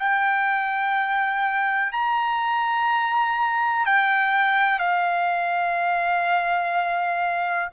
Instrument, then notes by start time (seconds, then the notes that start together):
trumpet
0.00 G5
1.93 A#5
3.86 G5
4.79 F5